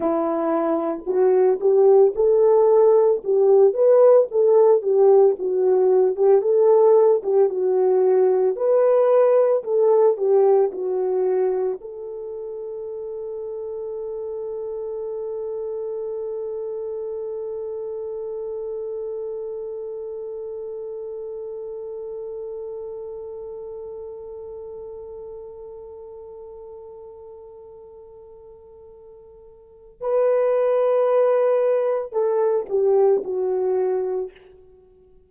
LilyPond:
\new Staff \with { instrumentName = "horn" } { \time 4/4 \tempo 4 = 56 e'4 fis'8 g'8 a'4 g'8 b'8 | a'8 g'8 fis'8. g'16 a'8. g'16 fis'4 | b'4 a'8 g'8 fis'4 a'4~ | a'1~ |
a'1~ | a'1~ | a'1 | b'2 a'8 g'8 fis'4 | }